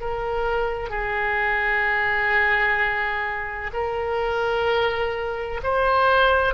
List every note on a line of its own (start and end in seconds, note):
0.00 0.89 A#4
0.89 3.71 G#4
3.73 5.61 A#4
5.63 6.54 C5